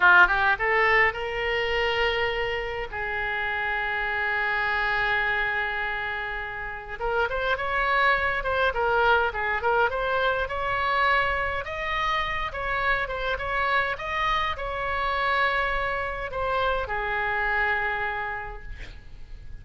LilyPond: \new Staff \with { instrumentName = "oboe" } { \time 4/4 \tempo 4 = 103 f'8 g'8 a'4 ais'2~ | ais'4 gis'2.~ | gis'1 | ais'8 c''8 cis''4. c''8 ais'4 |
gis'8 ais'8 c''4 cis''2 | dis''4. cis''4 c''8 cis''4 | dis''4 cis''2. | c''4 gis'2. | }